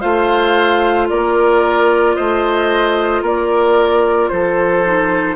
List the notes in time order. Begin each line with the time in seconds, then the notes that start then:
0.00 A3 F4 C5 F5
1.08 A#3 A#4 D5
2.15 A3 C5 D#5
3.21 A#3 A#4 D5
4.29 F3 A4 C5
4.85 D#4